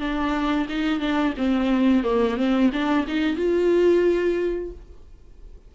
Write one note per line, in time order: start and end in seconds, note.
0.00 0.67 D4
0.69 1.00 D#4
1.00 1.34 D4
1.38 2.04 C4
2.04 2.37 A#3
2.37 2.71 C4
2.73 3.07 D4
3.08 3.36 D#4
3.36 4.71 F4